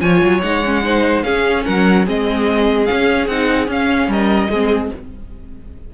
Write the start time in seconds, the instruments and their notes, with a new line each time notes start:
0.00 cello F3, viola F4, violin C#5 G#5
0.22 cello F#3
0.41 cello G#3, viola D#4, violin F#5
0.64 viola C#4
0.83 viola D#4, violin C5
1.22 cello C#4, viola C#4, violin G#4 F5
1.65 cello F#3, violin A#4 F#5
2.05 cello G#3, viola C4, violin G#4 D#5
2.85 viola C#4, cello C#4, violin F5
3.27 cello C4, viola D#4, violin F#5
3.67 viola C#4, cello C#4, violin F5
4.07 cello G3, violin A#4 D#5
4.49 cello G#3, viola C4, violin G#4